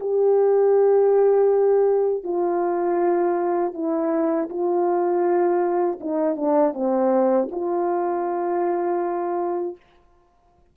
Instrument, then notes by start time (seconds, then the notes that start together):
horn
0.00 G4
2.24 F4
3.74 E4
4.49 F4
6.00 D#4
6.36 D4
6.74 C4
7.51 F4